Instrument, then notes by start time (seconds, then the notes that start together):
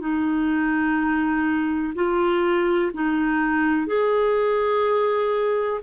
clarinet
0.00 D#4
1.95 F4
2.93 D#4
3.87 G#4